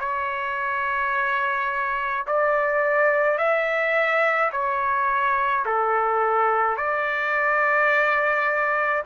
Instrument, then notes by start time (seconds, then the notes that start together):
trumpet
0.00 C#5
2.27 D5
3.39 E5
4.52 C#5
5.66 A4
6.77 D5